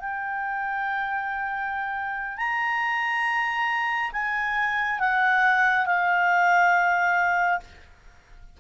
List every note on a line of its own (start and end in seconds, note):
0.00 2.38 G5
2.38 4.12 A#5
4.13 5.00 G#5
5.00 5.87 F#5
5.87 7.60 F5